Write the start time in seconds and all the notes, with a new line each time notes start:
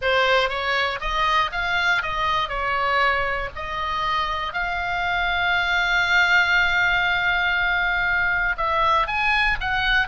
0.01 C5
0.49 C#5
1.00 D#5
1.52 F5
2.02 D#5
2.48 C#5
3.55 D#5
4.53 F5
8.57 E5
9.07 G#5
9.60 F#5